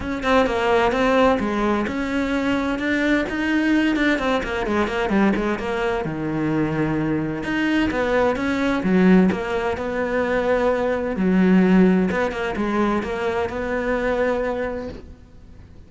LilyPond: \new Staff \with { instrumentName = "cello" } { \time 4/4 \tempo 4 = 129 cis'8 c'8 ais4 c'4 gis4 | cis'2 d'4 dis'4~ | dis'8 d'8 c'8 ais8 gis8 ais8 g8 gis8 | ais4 dis2. |
dis'4 b4 cis'4 fis4 | ais4 b2. | fis2 b8 ais8 gis4 | ais4 b2. | }